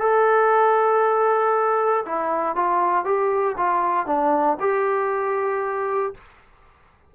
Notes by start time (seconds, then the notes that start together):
0.00 A4
2.06 E4
2.56 F4
3.05 G4
3.57 F4
4.07 D4
4.60 G4